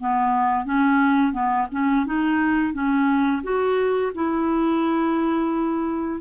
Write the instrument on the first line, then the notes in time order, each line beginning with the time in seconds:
clarinet
0.00 B3
0.65 C#4
1.33 B3
1.72 C#4
2.06 D#4
2.74 C#4
3.44 F#4
4.15 E4